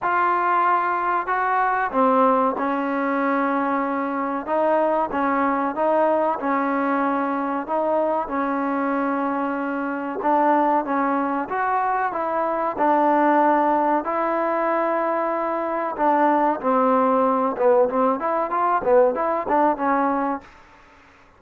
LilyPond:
\new Staff \with { instrumentName = "trombone" } { \time 4/4 \tempo 4 = 94 f'2 fis'4 c'4 | cis'2. dis'4 | cis'4 dis'4 cis'2 | dis'4 cis'2. |
d'4 cis'4 fis'4 e'4 | d'2 e'2~ | e'4 d'4 c'4. b8 | c'8 e'8 f'8 b8 e'8 d'8 cis'4 | }